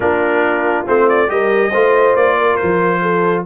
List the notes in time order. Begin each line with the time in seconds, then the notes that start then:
0.00 A#3 D4 F4 A#4
0.86 A3 C4 C5
1.08 D5
1.27 G3 G4 A#4 D#5
1.70 A3 F4 C5
2.15 A#3 D5
2.35 A#4
2.56 C5
2.62 F3
3.02 A4